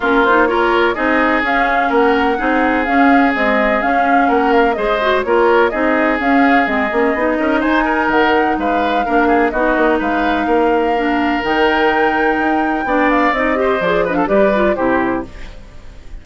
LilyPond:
<<
  \new Staff \with { instrumentName = "flute" } { \time 4/4 \tempo 4 = 126 ais'8 c''8 cis''4 dis''4 f''4 | fis''2 f''4 dis''4 | f''4 fis''8 f''8 dis''4 cis''4 | dis''4 f''4 dis''2 |
gis''4 fis''4 f''2 | dis''4 f''2. | g''2.~ g''8 f''8 | dis''4 d''8 dis''16 f''16 d''4 c''4 | }
  \new Staff \with { instrumentName = "oboe" } { \time 4/4 f'4 ais'4 gis'2 | ais'4 gis'2.~ | gis'4 ais'4 c''4 ais'4 | gis'2.~ gis'8 ais'8 |
c''8 ais'4. b'4 ais'8 gis'8 | fis'4 b'4 ais'2~ | ais'2. d''4~ | d''8 c''4 b'16 a'16 b'4 g'4 | }
  \new Staff \with { instrumentName = "clarinet" } { \time 4/4 cis'8 dis'8 f'4 dis'4 cis'4~ | cis'4 dis'4 cis'4 gis4 | cis'2 gis'8 fis'8 f'4 | dis'4 cis'4 c'8 cis'8 dis'4~ |
dis'2. d'4 | dis'2. d'4 | dis'2. d'4 | dis'8 g'8 gis'8 d'8 g'8 f'8 e'4 | }
  \new Staff \with { instrumentName = "bassoon" } { \time 4/4 ais2 c'4 cis'4 | ais4 c'4 cis'4 c'4 | cis'4 ais4 gis4 ais4 | c'4 cis'4 gis8 ais8 b8 cis'8 |
dis'4 dis4 gis4 ais4 | b8 ais8 gis4 ais2 | dis2 dis'4 b4 | c'4 f4 g4 c4 | }
>>